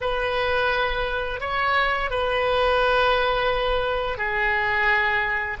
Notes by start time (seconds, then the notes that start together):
0.01 B4
1.40 C#5
2.10 B4
4.17 G#4